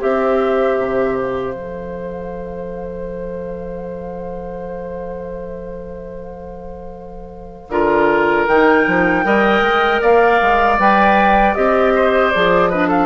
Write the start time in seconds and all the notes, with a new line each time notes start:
0.00 C4 G4 C5 E5
0.79 C3
1.17 F5
1.55 F3 A4
7.69 D3 F4 A#4
8.48 D#3 D#4 G5
8.87 F3
9.25 G3 A#4 D#5
9.62 G#3
10.02 A#3 D5 F5
10.42 G#3
10.79 G3 B4 G5
11.55 C4 G4 D#5
11.96 C5
12.32 F3 G#4 D5
12.71 D4 B4 D#5
12.88 A4 F5